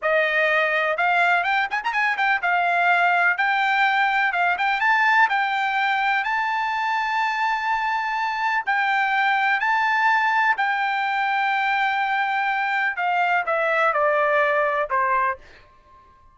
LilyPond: \new Staff \with { instrumentName = "trumpet" } { \time 4/4 \tempo 4 = 125 dis''2 f''4 g''8 gis''16 ais''16 | gis''8 g''8 f''2 g''4~ | g''4 f''8 g''8 a''4 g''4~ | g''4 a''2.~ |
a''2 g''2 | a''2 g''2~ | g''2. f''4 | e''4 d''2 c''4 | }